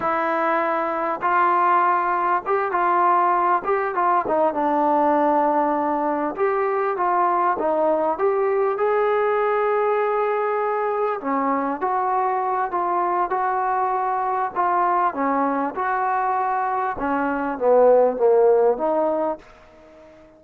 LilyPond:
\new Staff \with { instrumentName = "trombone" } { \time 4/4 \tempo 4 = 99 e'2 f'2 | g'8 f'4. g'8 f'8 dis'8 d'8~ | d'2~ d'8 g'4 f'8~ | f'8 dis'4 g'4 gis'4.~ |
gis'2~ gis'8 cis'4 fis'8~ | fis'4 f'4 fis'2 | f'4 cis'4 fis'2 | cis'4 b4 ais4 dis'4 | }